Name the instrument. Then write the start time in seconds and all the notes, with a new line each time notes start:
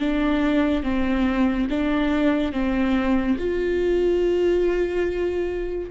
viola
0.00 D4
0.83 C4
1.70 D4
2.53 C4
3.38 F4